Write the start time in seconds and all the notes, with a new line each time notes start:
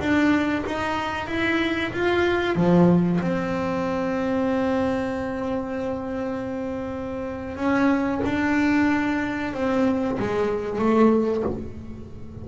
0.00 D4
0.66 D#4
1.28 E4
1.92 F4
2.56 F3
3.21 C4
7.57 C#4
8.25 D4
9.54 C4
10.19 G#3
10.79 A3